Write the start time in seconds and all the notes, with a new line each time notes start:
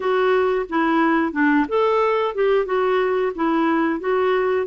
0.00 F#4
0.68 E4
1.32 D4
1.68 A4
2.35 G4
2.65 F#4
3.35 E4
4.00 F#4